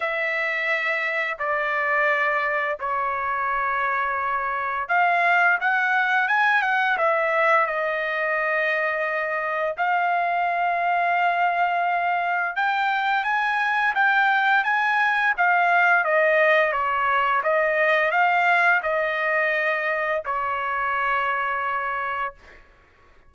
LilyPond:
\new Staff \with { instrumentName = "trumpet" } { \time 4/4 \tempo 4 = 86 e''2 d''2 | cis''2. f''4 | fis''4 gis''8 fis''8 e''4 dis''4~ | dis''2 f''2~ |
f''2 g''4 gis''4 | g''4 gis''4 f''4 dis''4 | cis''4 dis''4 f''4 dis''4~ | dis''4 cis''2. | }